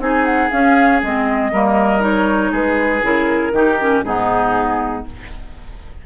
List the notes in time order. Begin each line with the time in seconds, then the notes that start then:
0.00 C4 D#4 G#4 G#5
0.26 F#5
0.51 C#4 F5
1.03 G#3 C4 D#5
1.53 G3 A#3 A#4
2.00 D#4 C#5
2.52 G#3 G#4 B4
3.03 C#3 E4 A#4
3.53 D#3 D#4 G4
3.80 C#4
4.04 G#2 B3 D#4 G#4